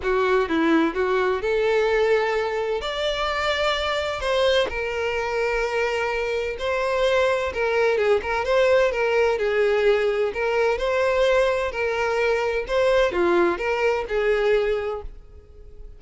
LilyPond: \new Staff \with { instrumentName = "violin" } { \time 4/4 \tempo 4 = 128 fis'4 e'4 fis'4 a'4~ | a'2 d''2~ | d''4 c''4 ais'2~ | ais'2 c''2 |
ais'4 gis'8 ais'8 c''4 ais'4 | gis'2 ais'4 c''4~ | c''4 ais'2 c''4 | f'4 ais'4 gis'2 | }